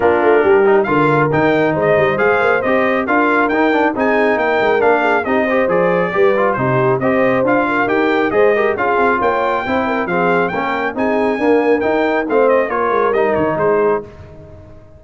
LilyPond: <<
  \new Staff \with { instrumentName = "trumpet" } { \time 4/4 \tempo 4 = 137 ais'2 f''4 g''4 | dis''4 f''4 dis''4 f''4 | g''4 gis''4 g''4 f''4 | dis''4 d''2 c''4 |
dis''4 f''4 g''4 dis''4 | f''4 g''2 f''4 | g''4 gis''2 g''4 | f''8 dis''8 cis''4 dis''8 cis''8 c''4 | }
  \new Staff \with { instrumentName = "horn" } { \time 4/4 f'4 g'4 ais'2 | c''2. ais'4~ | ais'4 gis'4 ais'4. gis'8 | g'8 c''4. b'4 g'4 |
c''4. ais'4. c''8 ais'8 | gis'4 cis''4 c''8 ais'8 gis'4 | ais'4 gis'4 ais'2 | c''4 ais'2 gis'4 | }
  \new Staff \with { instrumentName = "trombone" } { \time 4/4 d'4. dis'8 f'4 dis'4~ | dis'4 gis'4 g'4 f'4 | dis'8 d'8 dis'2 d'4 | dis'8 g'8 gis'4 g'8 f'8 dis'4 |
g'4 f'4 g'4 gis'8 g'8 | f'2 e'4 c'4 | cis'4 dis'4 ais4 dis'4 | c'4 f'4 dis'2 | }
  \new Staff \with { instrumentName = "tuba" } { \time 4/4 ais8 a8 g4 d4 dis4 | gis8 g8 gis8 ais8 c'4 d'4 | dis'4 c'4 ais8 gis8 ais4 | c'4 f4 g4 c4 |
c'4 d'4 dis'4 gis4 | cis'8 c'8 ais4 c'4 f4 | ais4 c'4 d'4 dis'4 | a4 ais8 gis8 g8 dis8 gis4 | }
>>